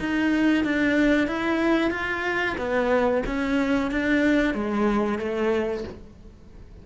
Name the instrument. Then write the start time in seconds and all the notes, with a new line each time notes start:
cello
0.00 D#4
0.64 D4
1.27 E4
1.91 F4
2.58 B3
3.26 C#4
3.91 D4
4.54 G#3
5.19 A3